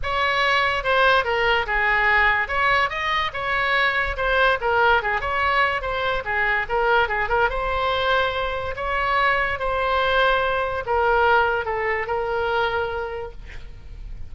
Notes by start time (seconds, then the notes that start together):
0.02 C#5
0.83 C5
1.24 A#4
1.66 G#4
2.48 C#5
2.89 D#5
3.33 C#5
4.16 C5
4.60 A#4
5.02 G#4
5.20 C#5
5.81 C5
6.24 G#4
6.69 A#4
7.08 G#4
7.28 A#4
7.49 C5
8.76 C#5
9.59 C5
10.85 A#4
11.65 A4
12.07 A#4